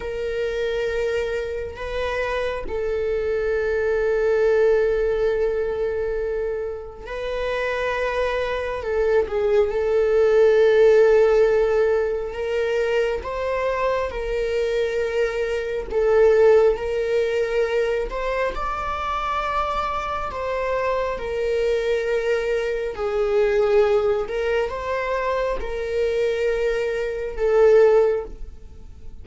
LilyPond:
\new Staff \with { instrumentName = "viola" } { \time 4/4 \tempo 4 = 68 ais'2 b'4 a'4~ | a'1 | b'2 a'8 gis'8 a'4~ | a'2 ais'4 c''4 |
ais'2 a'4 ais'4~ | ais'8 c''8 d''2 c''4 | ais'2 gis'4. ais'8 | c''4 ais'2 a'4 | }